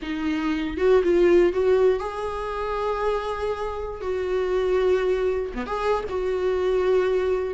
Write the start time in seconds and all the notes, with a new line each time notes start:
0.02 D#4
0.77 F#4
1.03 F4
1.52 F#4
1.99 G#4
4.01 F#4
5.54 B3
5.66 G#4
6.09 F#4